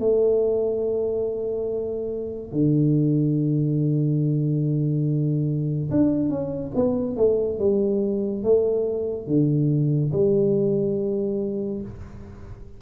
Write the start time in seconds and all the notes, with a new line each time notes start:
0.00 A3
2.52 D3
5.91 D4
6.30 C#4
6.75 B3
7.17 A3
7.59 G3
8.44 A3
9.27 D3
10.13 G3